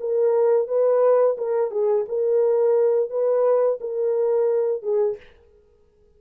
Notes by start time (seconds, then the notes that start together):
0.00 A#4
0.67 B4
1.37 A#4
1.71 G#4
2.08 A#4
3.10 B4
3.80 A#4
4.82 G#4